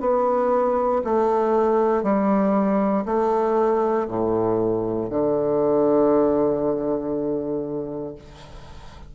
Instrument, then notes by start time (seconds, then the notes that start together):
bassoon
0.00 B3
1.04 A3
2.03 G3
3.06 A3
4.08 A2
5.10 D3